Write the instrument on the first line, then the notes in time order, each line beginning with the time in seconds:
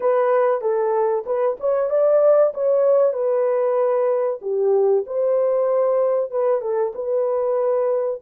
horn
0.00 B4
0.61 A4
1.25 B4
1.60 C#5
1.89 D5
2.53 C#5
3.13 B4
4.41 G4
5.06 C5
6.30 B4
6.61 A4
6.94 B4